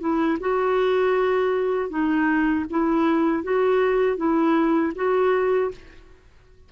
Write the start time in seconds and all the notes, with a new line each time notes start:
0.00 E4
0.40 F#4
1.89 D#4
2.70 E4
3.43 F#4
4.17 E4
4.95 F#4